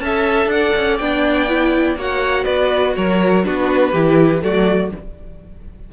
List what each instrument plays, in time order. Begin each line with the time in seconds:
0.00 cello C#4, viola A4, violin E5 A5
0.47 cello D4, violin D5 F#5
0.76 cello C#4
0.98 cello B3, viola D4, violin G5
1.49 viola E4
1.96 cello A#3, viola F#4, violin C#5 F#5
2.45 cello B3, violin B4 D5
2.96 cello F#3, violin A#4 C#5
3.44 cello B3, viola D4, violin F#4 B4
3.92 cello E3, viola E4, violin G4
4.41 cello F#3, viola A3, violin F#4 D5